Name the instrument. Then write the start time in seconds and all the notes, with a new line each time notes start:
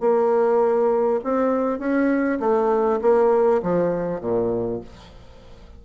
bassoon
0.00 A#3
1.24 C4
1.79 C#4
2.40 A3
3.01 A#3
3.62 F3
4.21 A#2